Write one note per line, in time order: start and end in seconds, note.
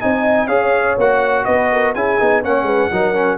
0.00 0.47 C4
0.00 0.48 D#4
0.00 0.47 D#5
0.00 0.47 G#5
0.47 0.95 C#4
0.47 0.97 G#4
0.47 1.44 C#5
0.47 0.96 F5
0.97 1.46 A#3
0.97 1.95 F#4
0.97 1.45 F#5
1.45 1.94 B3
1.45 1.69 B4
1.45 1.93 D#5
1.71 1.94 A#4
1.94 2.19 C#4
1.94 2.19 E4
1.94 2.43 G#4
1.94 2.43 G#5
2.19 2.44 B3
2.19 2.43 D#4
2.43 2.63 A#3
2.43 2.91 C#4
2.43 2.66 C#5
2.43 3.38 F#5
2.63 2.87 G#3
2.63 2.90 B4
2.91 3.38 F#3
2.91 3.14 D#4
2.91 3.38 A#4
3.14 3.38 C#4